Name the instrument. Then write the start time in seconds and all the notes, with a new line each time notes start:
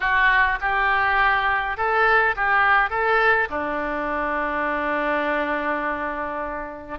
oboe
0.00 F#4
0.61 G4
1.77 A4
2.36 G4
2.90 A4
3.49 D4